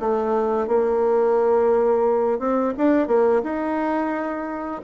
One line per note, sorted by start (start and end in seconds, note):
0.00 0.67 A3
0.67 2.39 A#3
2.39 2.73 C4
2.77 3.07 D4
3.07 3.42 A#3
3.44 4.82 D#4